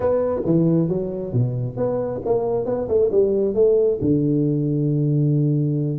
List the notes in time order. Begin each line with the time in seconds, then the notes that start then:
0.00 B3
0.45 E3
0.88 F#3
1.33 B2
1.77 B3
2.25 A#3
2.65 B3
2.88 A3
3.11 G3
3.54 A3
4.01 D3